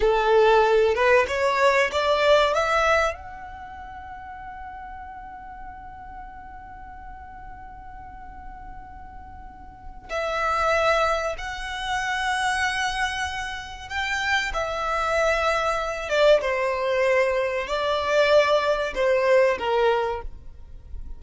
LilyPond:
\new Staff \with { instrumentName = "violin" } { \time 4/4 \tempo 4 = 95 a'4. b'8 cis''4 d''4 | e''4 fis''2.~ | fis''1~ | fis''1 |
e''2 fis''2~ | fis''2 g''4 e''4~ | e''4. d''8 c''2 | d''2 c''4 ais'4 | }